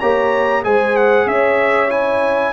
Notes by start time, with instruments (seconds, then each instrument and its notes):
0.00 tuba A#3, trombone G4, horn C#5, trumpet A#5
0.64 tuba G#3, trombone G#4, horn C5, trumpet G#5
0.96 trumpet F#5
1.27 tuba C#4, horn C#5, trumpet E5
1.90 trombone E4, trumpet G#5